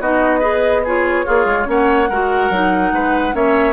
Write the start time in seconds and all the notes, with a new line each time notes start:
0.00 B3 D#4 F#4 D#5
0.40 G#4 B4
0.84 F4 G#4 C#5
1.25 A#3 F4 G#4
1.46 G#3
1.65 A#3 C#4 C#5 F#5
2.10 G#3 F#4 A#4
2.50 F#3 D#4
2.93 G#3 B4
3.33 A#3 C#4 C#5 E5